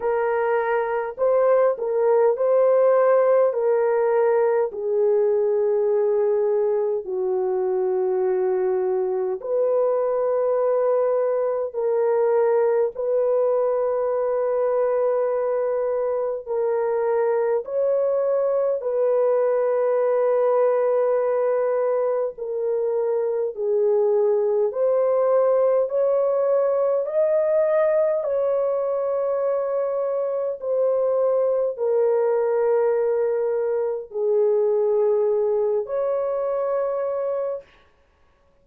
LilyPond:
\new Staff \with { instrumentName = "horn" } { \time 4/4 \tempo 4 = 51 ais'4 c''8 ais'8 c''4 ais'4 | gis'2 fis'2 | b'2 ais'4 b'4~ | b'2 ais'4 cis''4 |
b'2. ais'4 | gis'4 c''4 cis''4 dis''4 | cis''2 c''4 ais'4~ | ais'4 gis'4. cis''4. | }